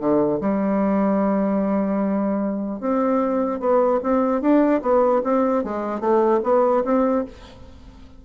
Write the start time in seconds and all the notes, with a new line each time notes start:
0.00 D3
0.41 G3
2.80 C4
3.60 B3
4.03 C4
4.41 D4
4.82 B3
5.24 C4
5.64 G#3
6.00 A3
6.43 B3
6.85 C4